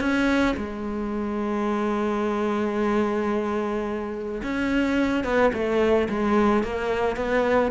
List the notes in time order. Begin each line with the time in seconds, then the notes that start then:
0.00 C#4
0.56 G#3
4.43 C#4
5.24 B3
5.53 A3
6.09 G#3
6.63 A#3
7.16 B3